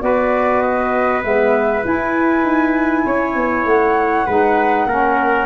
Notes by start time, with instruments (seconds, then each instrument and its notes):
0.00 tuba B3, saxophone F#4, trumpet B4, flute D5
0.61 flute D#5
1.22 tuba G#3, saxophone B3, flute E5
1.83 saxophone E4, tuba E4, flute G#5
2.43 tuba D#4
3.06 tuba C#4, trumpet C#5
3.35 tuba B3
3.65 tuba A3, flute F#5
4.26 tuba G#3, saxophone D#4, trumpet B4
4.86 tuba A#3, saxophone C#4, trumpet A#4